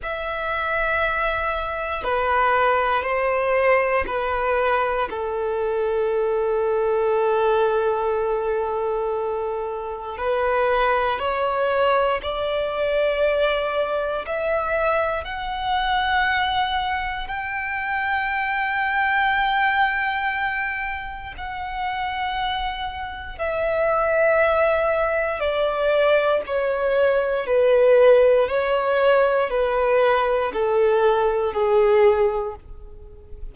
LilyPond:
\new Staff \with { instrumentName = "violin" } { \time 4/4 \tempo 4 = 59 e''2 b'4 c''4 | b'4 a'2.~ | a'2 b'4 cis''4 | d''2 e''4 fis''4~ |
fis''4 g''2.~ | g''4 fis''2 e''4~ | e''4 d''4 cis''4 b'4 | cis''4 b'4 a'4 gis'4 | }